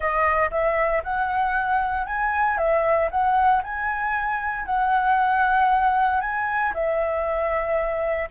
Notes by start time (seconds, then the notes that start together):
0.00 D#5
0.51 E5
1.03 F#5
2.06 G#5
2.57 E5
3.10 F#5
3.63 G#5
4.65 F#5
6.20 G#5
6.74 E5